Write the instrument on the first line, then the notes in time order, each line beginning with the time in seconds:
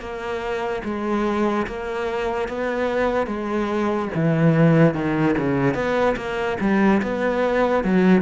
cello
0.00 A#3
0.84 G#3
1.67 A#3
2.48 B3
3.27 G#3
4.15 E3
4.94 D#3
5.38 C#3
5.75 B3
6.16 A#3
6.61 G3
7.02 B3
7.84 F#3